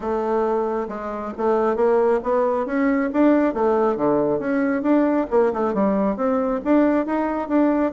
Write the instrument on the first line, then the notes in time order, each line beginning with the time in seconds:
bassoon
0.00 A3
0.88 G#3
1.37 A3
1.75 A#3
2.23 B3
2.66 C#4
3.12 D4
3.54 A3
3.96 D3
4.39 C#4
4.82 D4
5.30 A#3
5.53 A3
5.74 G3
6.16 C4
6.64 D4
7.06 D#4
7.48 D4